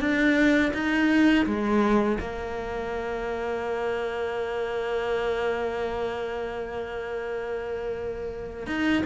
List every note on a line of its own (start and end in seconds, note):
0.00 0.72 D4
0.74 1.46 D#4
1.46 2.19 G#3
2.20 8.67 A#3
8.67 9.03 D#4